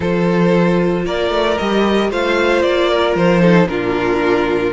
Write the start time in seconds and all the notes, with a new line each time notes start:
0.00 F3 F4 A4 C5
1.05 A#3 A#4 D5
1.30 A3
1.57 G3 G4 D#5
2.10 A3 F4 C5 F5
2.62 A#3 D5
2.89 A#4
3.15 F3 C5
3.40 D#4 A4
3.66 A#2 D4 F4 A#4